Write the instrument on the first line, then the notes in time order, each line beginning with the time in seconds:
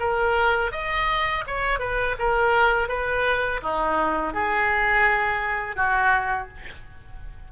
oboe
0.00 A#4
0.72 D#5
1.47 C#5
1.80 B4
2.19 A#4
2.88 B4
3.62 D#4
4.34 G#4
5.76 F#4